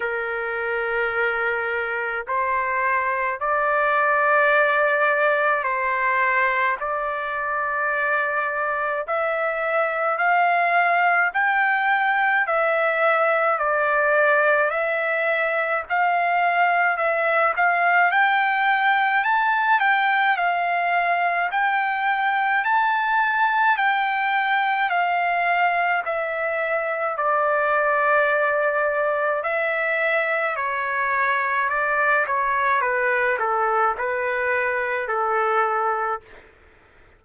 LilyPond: \new Staff \with { instrumentName = "trumpet" } { \time 4/4 \tempo 4 = 53 ais'2 c''4 d''4~ | d''4 c''4 d''2 | e''4 f''4 g''4 e''4 | d''4 e''4 f''4 e''8 f''8 |
g''4 a''8 g''8 f''4 g''4 | a''4 g''4 f''4 e''4 | d''2 e''4 cis''4 | d''8 cis''8 b'8 a'8 b'4 a'4 | }